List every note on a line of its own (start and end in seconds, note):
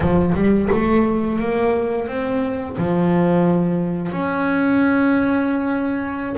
0.00 0.33 F3
0.34 0.69 G3
0.71 1.39 A3
1.39 2.07 A#3
2.07 2.76 C4
2.77 4.12 F3
4.12 6.36 C#4